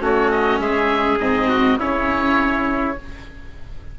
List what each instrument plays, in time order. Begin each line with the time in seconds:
0.00 bassoon A3, viola C#4, trumpet F#4, oboe C#5
0.31 oboe D#5
0.59 bassoon G#3, trumpet G#4, oboe E5
1.20 bassoon G#2, viola C4, oboe D#5
1.49 trumpet F#4
1.80 bassoon C#3, viola C#4, trumpet E4, oboe C#5